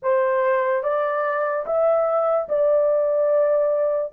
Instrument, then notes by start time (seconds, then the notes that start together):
horn
0.02 C5
0.83 D5
1.66 E5
2.48 D5